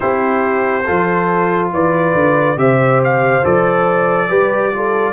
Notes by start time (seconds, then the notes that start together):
0.00 C4 E4 G4 C5
0.85 F3 F4 A4
1.73 E3 B4 D5
2.14 D3
2.56 C3 G4 C5 E5
3.04 F5
3.43 F3 A4 D5
4.28 G3 G4 B4
4.72 F4 A4